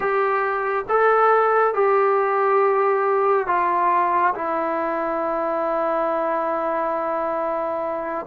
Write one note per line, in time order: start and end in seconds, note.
0.00 0.85 G4
0.89 1.74 A4
1.74 3.47 G4
3.47 4.34 F4
4.34 8.26 E4